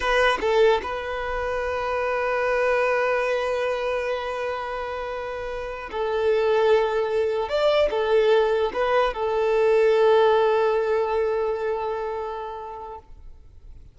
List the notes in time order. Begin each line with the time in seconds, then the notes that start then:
0.00 B4
0.40 A4
0.82 B4
5.91 A4
7.48 D5
7.90 A4
8.73 B4
9.13 A4